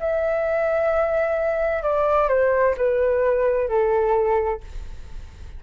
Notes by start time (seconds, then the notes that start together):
0.00 E5
1.83 D5
2.29 C5
2.77 B4
3.68 A4